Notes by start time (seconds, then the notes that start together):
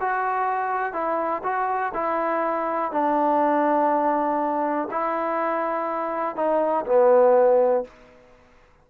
0.00 F#4
0.93 E4
1.43 F#4
1.94 E4
2.92 D4
4.91 E4
6.35 D#4
6.86 B3